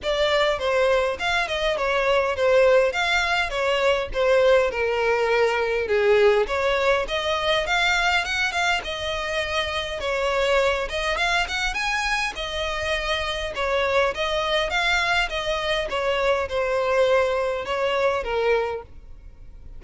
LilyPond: \new Staff \with { instrumentName = "violin" } { \time 4/4 \tempo 4 = 102 d''4 c''4 f''8 dis''8 cis''4 | c''4 f''4 cis''4 c''4 | ais'2 gis'4 cis''4 | dis''4 f''4 fis''8 f''8 dis''4~ |
dis''4 cis''4. dis''8 f''8 fis''8 | gis''4 dis''2 cis''4 | dis''4 f''4 dis''4 cis''4 | c''2 cis''4 ais'4 | }